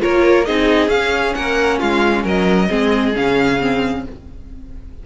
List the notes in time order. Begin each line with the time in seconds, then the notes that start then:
0.00 A#3 F4 A#4 C#5
0.45 C4 D#4 G#4 D#5
0.88 C#4 F5
1.34 A#3 A#4 F#5
1.79 G#3 F4 F5
2.24 F#3 A#4 D#5
2.69 G#3 C4 G#4
3.14 C#3 C#4 F5
3.60 C4